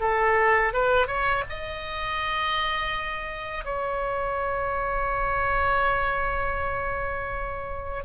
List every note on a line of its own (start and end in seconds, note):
0.00 0.73 A4
0.73 1.07 B4
1.07 1.44 C#5
1.49 3.65 D#5
3.65 8.04 C#5